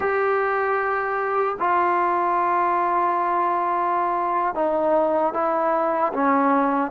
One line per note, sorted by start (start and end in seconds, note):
0.00 1.56 G4
1.59 4.54 F4
4.54 5.33 D#4
5.33 6.12 E4
6.13 6.91 C#4